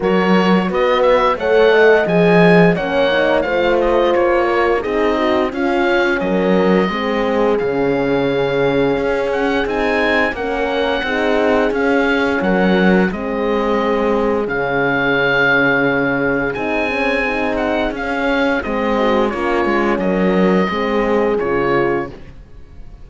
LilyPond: <<
  \new Staff \with { instrumentName = "oboe" } { \time 4/4 \tempo 4 = 87 cis''4 dis''8 e''8 fis''4 gis''4 | fis''4 f''8 dis''8 cis''4 dis''4 | f''4 dis''2 f''4~ | f''4. fis''8 gis''4 fis''4~ |
fis''4 f''4 fis''4 dis''4~ | dis''4 f''2. | gis''4. fis''8 f''4 dis''4 | cis''4 dis''2 cis''4 | }
  \new Staff \with { instrumentName = "horn" } { \time 4/4 ais'4 b'4 cis''8 dis''4. | cis''4 c''4. ais'8 gis'8 fis'8 | f'4 ais'4 gis'2~ | gis'2. ais'4 |
gis'2 ais'4 gis'4~ | gis'1~ | gis'2.~ gis'8 fis'8 | f'4 ais'4 gis'2 | }
  \new Staff \with { instrumentName = "horn" } { \time 4/4 fis'2 a'4 gis'4 | cis'8 dis'8 f'2 dis'4 | cis'2 c'4 cis'4~ | cis'2 dis'4 cis'4 |
dis'4 cis'2 c'4~ | c'4 cis'2. | dis'8 cis'8 dis'4 cis'4 c'4 | cis'2 c'4 f'4 | }
  \new Staff \with { instrumentName = "cello" } { \time 4/4 fis4 b4 a4 f4 | ais4 a4 ais4 c'4 | cis'4 fis4 gis4 cis4~ | cis4 cis'4 c'4 ais4 |
c'4 cis'4 fis4 gis4~ | gis4 cis2. | c'2 cis'4 gis4 | ais8 gis8 fis4 gis4 cis4 | }
>>